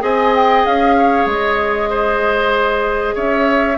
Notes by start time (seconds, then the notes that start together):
0.00 C4 G#4 D#5 G#5
0.35 G5
0.66 C#4 F5
0.98 C#5
1.26 G#3 D#5
1.90 C5
3.15 C#4 C#5 E5